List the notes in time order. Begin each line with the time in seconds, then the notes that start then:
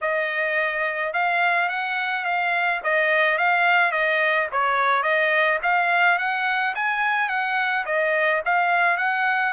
0.01 D#5
1.13 F5
1.68 F#5
2.25 F5
2.83 D#5
3.38 F5
3.91 D#5
4.52 C#5
5.02 D#5
5.62 F5
6.18 F#5
6.75 G#5
7.28 F#5
7.85 D#5
8.45 F5
8.97 F#5